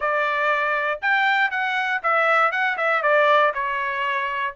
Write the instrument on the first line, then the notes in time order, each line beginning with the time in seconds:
trumpet
0.00 D5
1.01 G5
1.50 F#5
2.02 E5
2.51 F#5
2.77 E5
3.02 D5
3.54 C#5